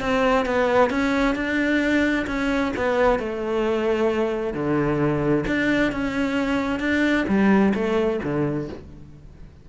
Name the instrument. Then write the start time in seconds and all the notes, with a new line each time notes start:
cello
0.00 C4
0.45 B3
0.90 C#4
1.35 D4
2.27 C#4
2.76 B3
3.19 A3
4.54 D3
5.46 D4
5.92 C#4
6.79 D4
7.28 G3
7.74 A3
8.23 D3